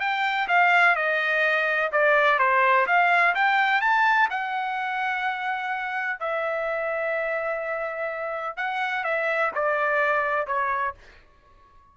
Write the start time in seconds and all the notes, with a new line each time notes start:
0.00 G5
0.48 F5
0.96 D#5
1.92 D5
2.39 C5
2.87 F5
3.35 G5
3.81 A5
4.30 F#5
6.19 E5
8.57 F#5
9.04 E5
9.55 D5
10.47 C#5